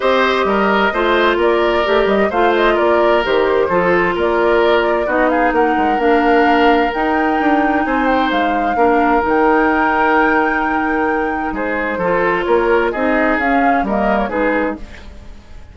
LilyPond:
<<
  \new Staff \with { instrumentName = "flute" } { \time 4/4 \tempo 4 = 130 dis''2. d''4~ | d''8 dis''8 f''8 dis''8 d''4 c''4~ | c''4 d''2 dis''8 f''8 | fis''4 f''2 g''4~ |
g''4 gis''8 g''8 f''2 | g''1~ | g''4 c''2 cis''4 | dis''4 f''4 dis''8. cis''16 b'4 | }
  \new Staff \with { instrumentName = "oboe" } { \time 4/4 c''4 ais'4 c''4 ais'4~ | ais'4 c''4 ais'2 | a'4 ais'2 fis'8 gis'8 | ais'1~ |
ais'4 c''2 ais'4~ | ais'1~ | ais'4 gis'4 a'4 ais'4 | gis'2 ais'4 gis'4 | }
  \new Staff \with { instrumentName = "clarinet" } { \time 4/4 g'2 f'2 | g'4 f'2 g'4 | f'2. dis'4~ | dis'4 d'2 dis'4~ |
dis'2. d'4 | dis'1~ | dis'2 f'2 | dis'4 cis'4 ais4 dis'4 | }
  \new Staff \with { instrumentName = "bassoon" } { \time 4/4 c'4 g4 a4 ais4 | a8 g8 a4 ais4 dis4 | f4 ais2 b4 | ais8 gis8 ais2 dis'4 |
d'4 c'4 gis4 ais4 | dis1~ | dis4 gis4 f4 ais4 | c'4 cis'4 g4 gis4 | }
>>